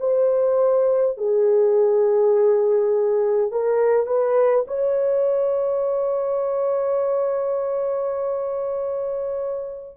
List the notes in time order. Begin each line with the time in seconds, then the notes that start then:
0.00 C5
1.18 G#4
3.52 A#4
4.07 B4
4.68 C#5